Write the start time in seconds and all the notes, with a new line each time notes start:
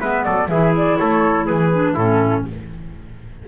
0.00 G#3 B3 B4 E5
0.24 F#3 A4 D5
0.49 E3 E4 G#4 E5
0.77 D5
0.97 A3 A4 C#5
1.46 E3 G#4 B4
1.73 D4
1.94 A2 C#4 E4 A4